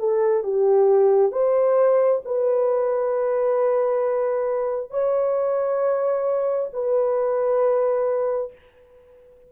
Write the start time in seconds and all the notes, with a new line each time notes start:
0.00 A4
0.44 G4
1.32 C5
2.26 B4
4.91 C#5
6.73 B4